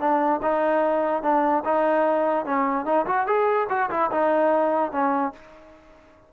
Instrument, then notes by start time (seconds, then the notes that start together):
trombone
0.00 D4
0.42 D#4
1.23 D4
1.65 D#4
2.46 C#4
2.86 D#4
3.06 F#4
3.27 G#4
3.70 F#4
3.90 E4
4.11 D#4
4.92 C#4